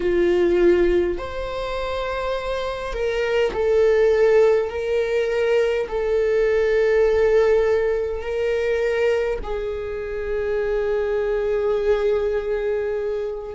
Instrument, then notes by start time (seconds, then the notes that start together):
viola
0.00 F4
1.18 C5
2.93 A#4
3.53 A4
4.70 A#4
5.88 A4
8.21 A#4
9.43 G#4